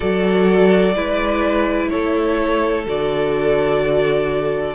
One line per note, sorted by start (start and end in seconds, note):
0.00 0.95 F#3
0.00 0.94 F#4
0.00 0.94 A4
0.00 1.88 D5
0.95 1.90 G#3
0.95 2.85 E4
0.95 1.90 B4
1.89 2.86 A3
1.89 4.74 A4
1.89 2.84 C#5
2.86 4.74 D3
2.86 4.74 F#4
2.86 4.74 D5